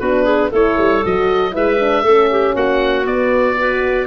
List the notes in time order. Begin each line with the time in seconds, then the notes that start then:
0.00 B3 D4 F#4 B4
0.24 G#4
0.51 A3 E4 A4 C#5
0.78 G3
1.04 F#3 F#4 D#5
1.52 G#3 E4 B4 E5
1.80 D4
2.04 A3 C#4 A4
2.31 G4
2.55 A#3 F#4 F#5
3.06 B3 D5
3.59 F#4 B4